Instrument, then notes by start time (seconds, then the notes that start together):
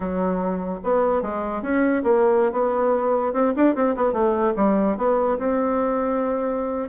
bassoon
0.00 F#3
0.83 B3
1.22 G#3
1.62 C#4
2.03 A#3
2.52 B3
3.33 C4
3.55 D4
3.75 C4
3.95 B3
4.12 A3
4.56 G3
4.97 B3
5.38 C4